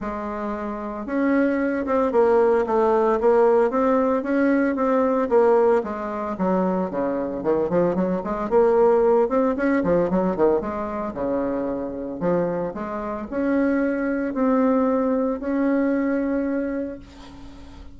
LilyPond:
\new Staff \with { instrumentName = "bassoon" } { \time 4/4 \tempo 4 = 113 gis2 cis'4. c'8 | ais4 a4 ais4 c'4 | cis'4 c'4 ais4 gis4 | fis4 cis4 dis8 f8 fis8 gis8 |
ais4. c'8 cis'8 f8 fis8 dis8 | gis4 cis2 f4 | gis4 cis'2 c'4~ | c'4 cis'2. | }